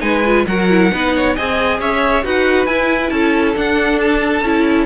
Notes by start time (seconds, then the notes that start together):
0.00 G#3 D#4 B4 G#5
0.26 F4
0.47 F#3 F#4 A#4 F#5
0.70 E4
0.92 B3 D#4 B4
1.16 C#5
1.36 C4 G#4 D#5 G#5
1.80 C#4 C#5 E5
2.24 D#4 F#4 B4 F#5
2.66 E4 G#5
3.10 C#4 A4 A5
3.56 D4 F#5
4.00 A5
4.42 C#4 E4